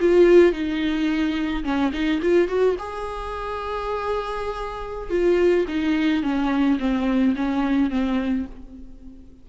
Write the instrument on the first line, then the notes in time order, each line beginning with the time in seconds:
viola
0.00 F4
0.53 D#4
1.64 C#4
1.93 D#4
2.22 F4
2.48 F#4
2.79 G#4
5.10 F4
5.68 D#4
6.23 C#4
6.79 C4
7.36 C#4
7.90 C4